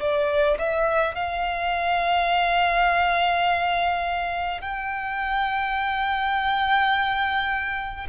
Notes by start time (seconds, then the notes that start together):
0.00 D5
0.58 E5
1.15 F5
4.61 G5